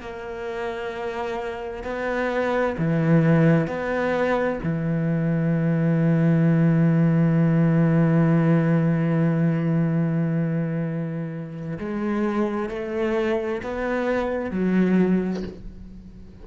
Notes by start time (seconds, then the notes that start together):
0.00 A#3
1.84 B3
2.78 E3
3.67 B3
4.63 E3
11.79 G#3
12.69 A3
13.63 B3
14.51 F#3